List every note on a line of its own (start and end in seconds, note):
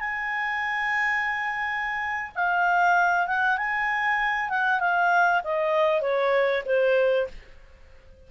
0.00 2.32 G#5
2.35 3.27 F5
3.27 3.58 F#5
3.58 4.50 G#5
4.50 4.80 F#5
4.80 5.42 F5
5.44 6.02 D#5
6.02 6.64 C#5
6.66 7.28 C5